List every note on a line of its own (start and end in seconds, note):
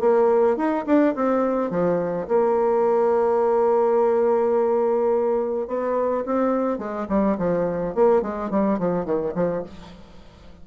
0.00 0.57 A#3
0.57 0.85 D#4
0.86 1.15 D4
1.15 1.71 C4
1.71 2.27 F3
2.28 5.68 A#3
5.68 6.24 B3
6.26 6.78 C4
6.78 7.07 G#3
7.09 7.37 G3
7.38 7.95 F3
7.95 8.22 A#3
8.22 8.51 G#3
8.51 8.79 G3
8.79 9.05 F3
9.05 9.34 D#3
9.35 9.63 F3